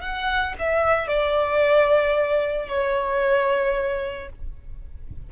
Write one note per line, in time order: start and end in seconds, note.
0.00 0.54 F#5
0.58 1.07 E5
1.07 2.68 D5
2.68 4.29 C#5